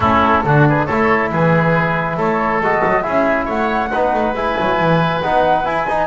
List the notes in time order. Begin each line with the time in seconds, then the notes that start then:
0.00 A3 C#4 E4 A4
0.44 D3 D4 F#4
0.68 G#4 B4
0.85 A3 E4 A4 C#5
1.31 E3 G#4 B4
2.16 A3 A4 C#5
2.60 G#3 F#4 D#5
2.85 F#3
3.02 C#4 E4 G#4 E5
3.45 A3 C#5 F#5
3.92 B3 D#4 B4
4.13 A3
4.33 G#3 E4 G#5
4.59 F#3
4.79 E3
5.21 B3 D#4 F#5
5.64 E4 G#5
5.87 D#4